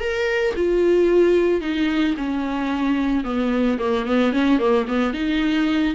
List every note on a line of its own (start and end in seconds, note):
0.00 0.54 A#4
0.56 1.61 F4
1.61 2.15 D#4
2.17 3.24 C#4
3.24 3.78 B3
3.79 4.06 A#3
4.06 4.32 B3
4.32 4.59 C#4
4.59 4.86 A#3
4.88 5.14 B3
5.14 5.94 D#4